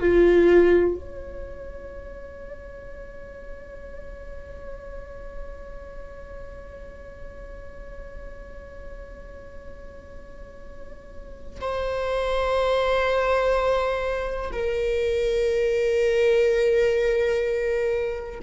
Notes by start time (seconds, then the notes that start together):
0.00 F4
0.96 C#5
11.61 C5
14.52 A#4